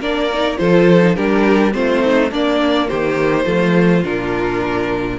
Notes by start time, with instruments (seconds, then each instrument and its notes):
0.00 cello A#3, viola D4, violin A#4 D5
0.33 viola D#4
0.58 cello F3, viola F4, violin A4 C5
1.01 viola D#4
1.15 cello G3, viola D4, violin G4 A#4
1.72 cello A3, viola C4, violin F4 C5
2.03 violin D#4
2.31 cello A#3, viola A#3, violin D4 D5
2.88 cello D#3, violin G4 C5
3.45 cello F3, viola A3, violin F4
4.04 cello A#2, viola D4, violin A#4